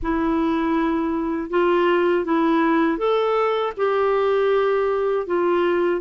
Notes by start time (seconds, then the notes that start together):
0.02 E4
1.50 F4
2.25 E4
2.98 A4
3.76 G4
5.26 F4